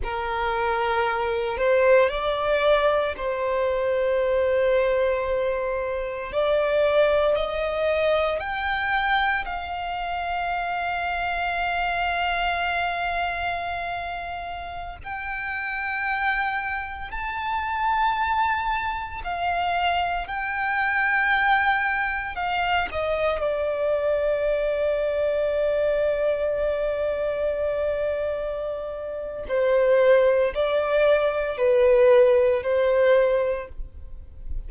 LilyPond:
\new Staff \with { instrumentName = "violin" } { \time 4/4 \tempo 4 = 57 ais'4. c''8 d''4 c''4~ | c''2 d''4 dis''4 | g''4 f''2.~ | f''2~ f''16 g''4.~ g''16~ |
g''16 a''2 f''4 g''8.~ | g''4~ g''16 f''8 dis''8 d''4.~ d''16~ | d''1 | c''4 d''4 b'4 c''4 | }